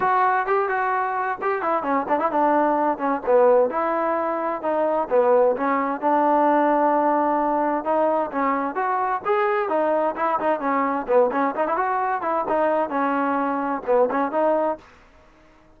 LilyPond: \new Staff \with { instrumentName = "trombone" } { \time 4/4 \tempo 4 = 130 fis'4 g'8 fis'4. g'8 e'8 | cis'8 d'16 e'16 d'4. cis'8 b4 | e'2 dis'4 b4 | cis'4 d'2.~ |
d'4 dis'4 cis'4 fis'4 | gis'4 dis'4 e'8 dis'8 cis'4 | b8 cis'8 dis'16 e'16 fis'4 e'8 dis'4 | cis'2 b8 cis'8 dis'4 | }